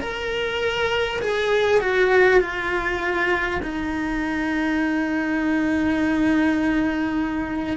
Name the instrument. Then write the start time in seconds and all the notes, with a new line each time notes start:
cello
0.00 A#4
1.21 G#4
1.81 F#4
2.41 F4
3.62 D#4